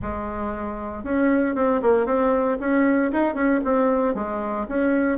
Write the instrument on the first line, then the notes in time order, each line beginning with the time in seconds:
bassoon
0.02 G#3
1.03 C#4
1.55 C4
1.82 A#3
2.05 C4
2.60 C#4
3.12 D#4
3.34 C#4
3.64 C4
4.14 G#3
4.68 C#4